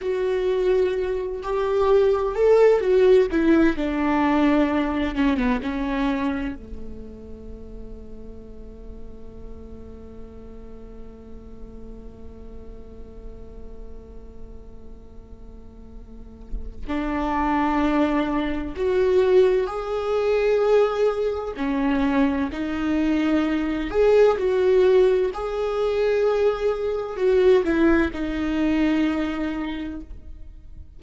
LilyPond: \new Staff \with { instrumentName = "viola" } { \time 4/4 \tempo 4 = 64 fis'4. g'4 a'8 fis'8 e'8 | d'4. cis'16 b16 cis'4 a4~ | a1~ | a1~ |
a2 d'2 | fis'4 gis'2 cis'4 | dis'4. gis'8 fis'4 gis'4~ | gis'4 fis'8 e'8 dis'2 | }